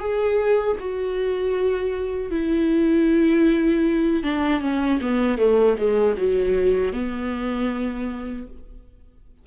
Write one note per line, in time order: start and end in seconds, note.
0.00 0.77 G#4
0.80 2.31 F#4
2.31 4.23 E4
4.23 4.61 D4
4.61 5.00 C#4
5.01 5.38 B3
5.38 5.77 A3
5.78 6.16 G#3
6.17 6.93 F#3
6.93 8.47 B3